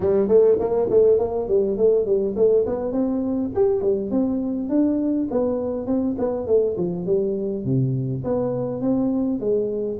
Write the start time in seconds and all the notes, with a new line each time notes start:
0.00 G3
0.28 A3
0.59 A#3
0.90 A3
1.18 A#3
1.48 G3
1.77 A3
2.05 G3
2.36 A3
2.66 B3
2.91 C4
3.55 G4
3.81 G3
4.10 C4
4.69 D4
5.30 B3
5.86 C4
6.18 B3
6.47 A3
6.77 F3
7.06 G3
7.64 C3
8.24 B3
8.81 C4
9.40 G#3